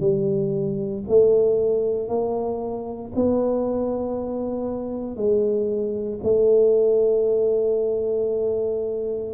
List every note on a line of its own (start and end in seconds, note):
0.00 1.03 G3
1.08 2.09 A3
2.09 3.12 A#3
3.15 5.16 B3
5.16 6.20 G#3
6.24 9.34 A3